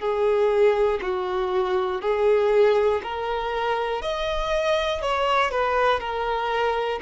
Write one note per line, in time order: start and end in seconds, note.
0.00 1.00 G#4
1.02 2.01 F#4
2.01 3.01 G#4
3.03 4.02 A#4
4.02 5.02 D#5
5.02 5.51 C#5
5.51 6.00 B4
6.00 7.00 A#4